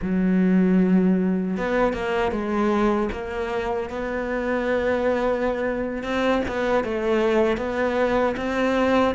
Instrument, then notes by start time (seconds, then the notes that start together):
cello
0.02 F#3
1.57 B3
1.93 A#3
2.31 G#3
3.12 A#3
3.89 B3
6.03 C4
6.48 B3
6.84 A3
7.57 B3
8.36 C4